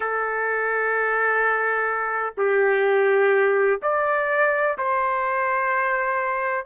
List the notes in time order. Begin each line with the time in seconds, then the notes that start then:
0.00 A4
2.37 G4
3.82 D5
4.77 C5